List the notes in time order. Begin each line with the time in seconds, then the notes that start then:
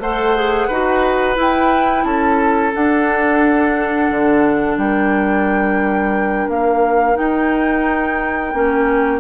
0.00 A3 A4 C5 F#5
0.36 G#4
0.68 D#4 F#4 B4
1.36 E4 G5
2.05 C#4 A4 A5
2.74 D4 F#5
4.11 D3
4.77 G3 A#4 G5
6.49 A#3 F5
7.15 D#4 G5
8.53 A#3 C#4